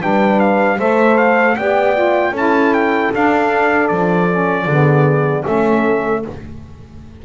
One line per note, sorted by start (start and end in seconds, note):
0.00 0.79 G3
0.00 0.78 D4
0.00 0.78 B4
0.00 0.40 G5
0.40 0.79 F5
0.78 1.57 A3
0.78 1.58 A4
0.78 1.56 C5
0.78 1.18 E5
1.18 1.56 F5
1.56 2.31 B3
1.56 1.94 G4
1.56 2.32 D5
1.56 2.34 G5
1.94 2.33 F4
2.31 3.09 C#4
2.31 3.12 E4
2.31 4.65 A4
2.37 2.74 A5
2.74 3.12 G5
3.12 4.29 D4
3.12 3.91 D4
3.12 3.88 F5
3.88 4.66 F3
3.88 5.44 D5
4.30 4.69 C#4
4.66 5.44 D3
4.66 5.44 B3
4.66 5.44 G#4
5.44 6.25 A3
5.44 6.22 C#4
5.44 6.24 A4
5.44 6.25 E5